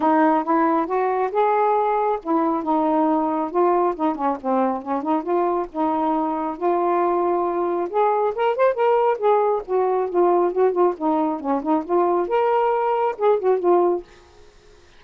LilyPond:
\new Staff \with { instrumentName = "saxophone" } { \time 4/4 \tempo 4 = 137 dis'4 e'4 fis'4 gis'4~ | gis'4 e'4 dis'2 | f'4 dis'8 cis'8 c'4 cis'8 dis'8 | f'4 dis'2 f'4~ |
f'2 gis'4 ais'8 c''8 | ais'4 gis'4 fis'4 f'4 | fis'8 f'8 dis'4 cis'8 dis'8 f'4 | ais'2 gis'8 fis'8 f'4 | }